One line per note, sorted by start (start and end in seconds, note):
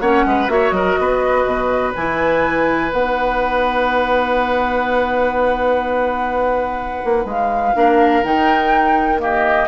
0.00 0.24 A#3
0.00 0.48 C#4
0.00 0.25 C#5
0.00 0.49 F#5
0.25 0.48 G#3
0.25 0.52 B4
0.48 0.71 A#3
0.48 1.93 F#4
0.48 0.75 C#5
0.48 0.70 E5
0.70 0.95 F#3
0.70 0.99 A#4
0.70 1.91 D#5
1.00 1.45 B3
1.00 7.76 B4
1.45 1.93 B2
1.95 2.92 E3
1.95 2.91 E4
1.95 2.92 G#5
2.91 7.03 B3
2.91 7.74 D#4
2.91 7.28 F#5
7.04 7.25 A#3
7.25 7.73 G#3
7.25 8.23 F5
7.75 8.23 A#3
7.75 8.23 D4
7.75 9.21 A#4
8.23 9.68 D#3
8.23 9.18 D#4
8.23 9.20 G5
9.18 9.67 A#3
9.18 9.68 G4
9.18 9.68 D#5